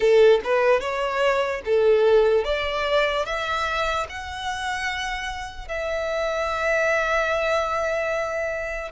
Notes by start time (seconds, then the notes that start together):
0.00 A4
0.44 B4
0.80 C#5
1.65 A4
2.44 D5
3.25 E5
4.09 F#5
5.68 E5